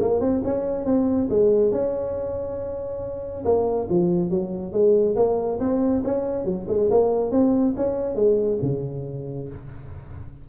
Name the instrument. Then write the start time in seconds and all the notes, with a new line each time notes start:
tuba
0.00 A#3
0.20 C4
0.45 C#4
0.85 C4
1.29 G#3
1.71 C#4
3.45 A#3
3.89 F3
4.30 F#3
4.72 G#3
5.16 A#3
5.60 C4
6.05 C#4
6.45 F#3
6.68 G#3
6.90 A#3
7.31 C4
7.76 C#4
8.15 G#3
8.62 C#3